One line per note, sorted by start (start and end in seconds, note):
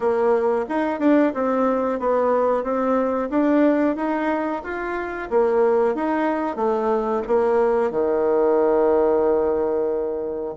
0.00 0.65 A#3
0.68 0.99 D#4
0.99 1.32 D4
1.34 1.99 C4
1.99 2.63 B3
2.63 3.29 C4
3.30 3.96 D4
3.96 4.62 D#4
4.63 5.29 F4
5.30 5.95 A#3
5.95 6.56 D#4
6.56 7.22 A3
7.27 7.91 A#3
7.91 10.54 D#3